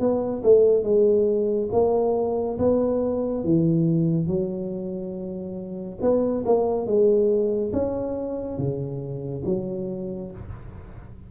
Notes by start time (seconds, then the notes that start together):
0.00 B3
0.44 A3
0.84 G#3
1.73 A#3
2.59 B3
3.44 E3
4.28 F#3
6.02 B3
6.46 A#3
6.87 G#3
7.73 C#4
8.58 C#3
9.46 F#3